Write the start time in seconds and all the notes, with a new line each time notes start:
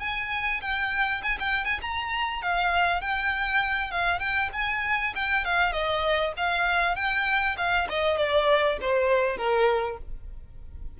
0.00 G#5
0.61 G5
1.23 G#5
1.39 G5
1.65 G#5
1.82 A#5
2.42 F5
3.01 G5
3.91 F5
4.20 G5
4.53 G#5
5.15 G5
5.45 F5
5.72 D#5
6.37 F5
6.95 G5
7.57 F5
7.89 D#5
8.17 D5
8.80 C5
9.37 A#4